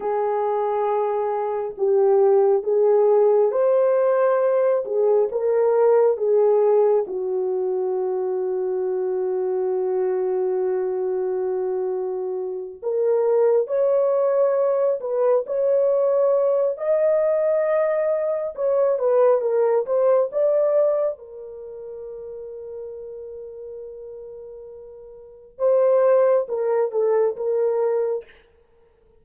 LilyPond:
\new Staff \with { instrumentName = "horn" } { \time 4/4 \tempo 4 = 68 gis'2 g'4 gis'4 | c''4. gis'8 ais'4 gis'4 | fis'1~ | fis'2~ fis'8 ais'4 cis''8~ |
cis''4 b'8 cis''4. dis''4~ | dis''4 cis''8 b'8 ais'8 c''8 d''4 | ais'1~ | ais'4 c''4 ais'8 a'8 ais'4 | }